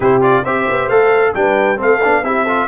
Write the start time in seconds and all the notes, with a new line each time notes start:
0.00 C3 E4 G4 C5
0.21 F4 D5
0.43 C4 G4 C5 E5
0.69 B3
0.88 A3 A4 F5
1.34 G3 D4 B4 G5
1.76 A3 C4 A4 F5
2.03 B3 D4
2.22 C4 E4 G4 E5
2.44 F4 A4